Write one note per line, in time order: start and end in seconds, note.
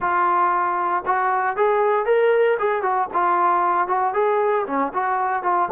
0.00 1.04 F4
1.06 1.56 F#4
1.56 2.05 G#4
2.05 2.57 A#4
2.59 2.82 G#4
2.82 3.08 F#4
3.13 3.87 F4
3.87 4.13 F#4
4.13 4.65 G#4
4.66 4.92 C#4
4.93 5.42 F#4
5.42 5.68 F4